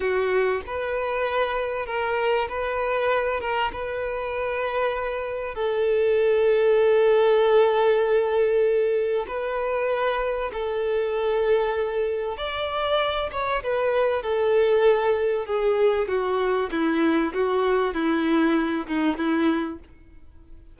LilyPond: \new Staff \with { instrumentName = "violin" } { \time 4/4 \tempo 4 = 97 fis'4 b'2 ais'4 | b'4. ais'8 b'2~ | b'4 a'2.~ | a'2. b'4~ |
b'4 a'2. | d''4. cis''8 b'4 a'4~ | a'4 gis'4 fis'4 e'4 | fis'4 e'4. dis'8 e'4 | }